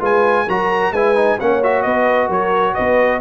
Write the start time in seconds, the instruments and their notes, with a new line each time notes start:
0.00 tuba G#3, trombone F4, horn B4, trumpet G#5
0.47 tuba F#3, trombone F#4, horn A#4, trumpet A#5
0.92 tuba G#3, trombone E4, horn B4, trumpet G#5
1.15 trombone D#4
1.40 tuba A#3, trombone C#4, horn C#5, trumpet F#5
1.63 trombone F#4, trumpet E5
1.82 tuba B3, horn B4, trumpet D#5
2.28 tuba F#3, horn A#4, trumpet C#5
2.74 tuba B3, horn B4, trumpet D#5